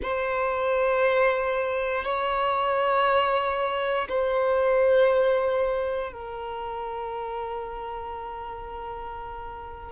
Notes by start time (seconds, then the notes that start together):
0.02 C5
2.04 C#5
4.09 C5
6.12 A#4